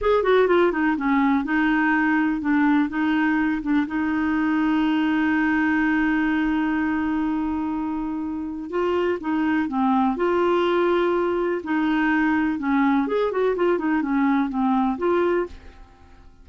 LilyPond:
\new Staff \with { instrumentName = "clarinet" } { \time 4/4 \tempo 4 = 124 gis'8 fis'8 f'8 dis'8 cis'4 dis'4~ | dis'4 d'4 dis'4. d'8 | dis'1~ | dis'1~ |
dis'2 f'4 dis'4 | c'4 f'2. | dis'2 cis'4 gis'8 fis'8 | f'8 dis'8 cis'4 c'4 f'4 | }